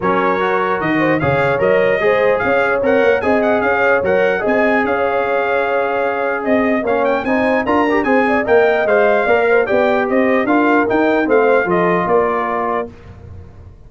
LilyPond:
<<
  \new Staff \with { instrumentName = "trumpet" } { \time 4/4 \tempo 4 = 149 cis''2 dis''4 f''4 | dis''2 f''4 fis''4 | gis''8 fis''8 f''4 fis''4 gis''4 | f''1 |
dis''4 f''8 g''8 gis''4 ais''4 | gis''4 g''4 f''2 | g''4 dis''4 f''4 g''4 | f''4 dis''4 d''2 | }
  \new Staff \with { instrumentName = "horn" } { \time 4/4 ais'2~ ais'8 c''8 cis''4~ | cis''4 c''4 cis''2 | dis''4 cis''2 dis''4 | cis''1 |
dis''4 cis''4 c''4 ais'4 | c''8 d''8 dis''2 d''8 c''8 | d''4 c''4 ais'2 | c''4 a'4 ais'2 | }
  \new Staff \with { instrumentName = "trombone" } { \time 4/4 cis'4 fis'2 gis'4 | ais'4 gis'2 ais'4 | gis'2 ais'4 gis'4~ | gis'1~ |
gis'4 cis'4 dis'4 f'8 g'8 | gis'4 ais'4 c''4 ais'4 | g'2 f'4 dis'4 | c'4 f'2. | }
  \new Staff \with { instrumentName = "tuba" } { \time 4/4 fis2 dis4 cis4 | fis4 gis4 cis'4 c'8 ais8 | c'4 cis'4 fis4 c'4 | cis'1 |
c'4 ais4 c'4 d'4 | c'4 ais4 gis4 ais4 | b4 c'4 d'4 dis'4 | a4 f4 ais2 | }
>>